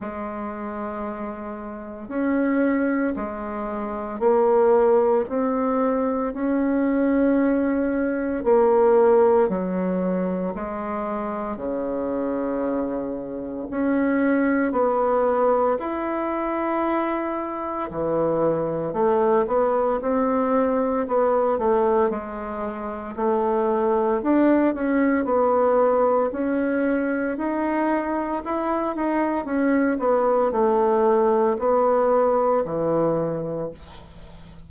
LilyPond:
\new Staff \with { instrumentName = "bassoon" } { \time 4/4 \tempo 4 = 57 gis2 cis'4 gis4 | ais4 c'4 cis'2 | ais4 fis4 gis4 cis4~ | cis4 cis'4 b4 e'4~ |
e'4 e4 a8 b8 c'4 | b8 a8 gis4 a4 d'8 cis'8 | b4 cis'4 dis'4 e'8 dis'8 | cis'8 b8 a4 b4 e4 | }